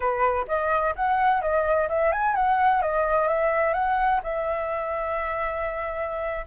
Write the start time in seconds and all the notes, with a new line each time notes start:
0.00 B4
0.47 D#5
0.95 F#5
1.41 D#5
1.88 E5
2.12 G#5
2.35 F#5
2.82 D#5
3.27 E5
3.73 F#5
4.23 E5